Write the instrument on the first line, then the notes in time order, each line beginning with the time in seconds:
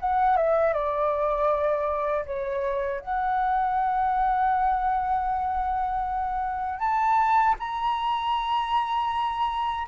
flute
0.00 F#5
0.37 E5
0.74 D5
2.26 C#5
3.01 F#5
6.79 A5
7.59 A#5